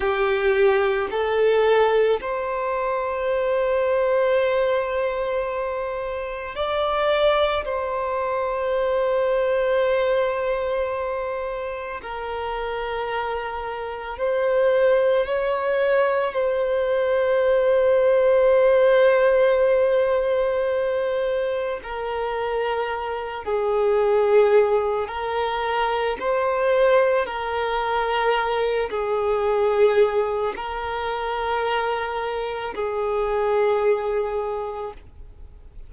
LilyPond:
\new Staff \with { instrumentName = "violin" } { \time 4/4 \tempo 4 = 55 g'4 a'4 c''2~ | c''2 d''4 c''4~ | c''2. ais'4~ | ais'4 c''4 cis''4 c''4~ |
c''1 | ais'4. gis'4. ais'4 | c''4 ais'4. gis'4. | ais'2 gis'2 | }